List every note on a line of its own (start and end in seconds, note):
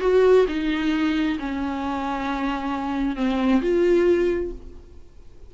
0.00 0.45 F#4
0.48 1.38 D#4
1.39 3.16 C#4
3.16 3.61 C4
3.61 4.51 F4